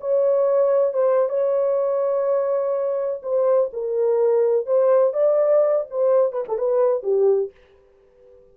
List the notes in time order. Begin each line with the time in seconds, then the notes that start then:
0.00 C#5
0.93 C5
1.29 C#5
3.22 C5
3.73 A#4
4.66 C5
5.13 D5
5.90 C5
6.32 B4
6.48 A4
6.58 B4
7.03 G4